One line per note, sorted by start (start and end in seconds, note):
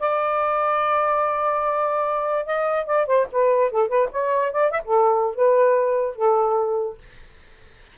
0.00 2.46 D5
2.46 2.86 D#5
2.86 3.07 D5
3.07 3.27 C5
3.32 3.72 B4
3.72 3.89 A4
3.89 4.09 B4
4.12 4.52 C#5
4.52 4.71 D5
4.71 4.81 E5
4.85 5.36 A4
5.36 6.16 B4
6.16 6.98 A4